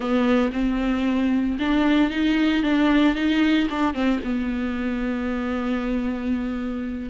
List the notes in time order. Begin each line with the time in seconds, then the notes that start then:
0.00 B3
0.52 C4
1.59 D4
2.10 D#4
2.63 D4
3.15 D#4
3.70 D4
3.93 C4
4.24 B3